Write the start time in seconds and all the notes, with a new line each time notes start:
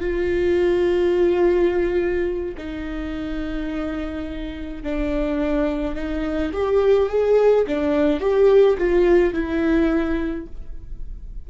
0.00 F4
2.57 D#4
4.83 D4
5.95 D#4
6.52 G4
7.09 G#4
7.67 D4
8.20 G4
8.78 F4
9.33 E4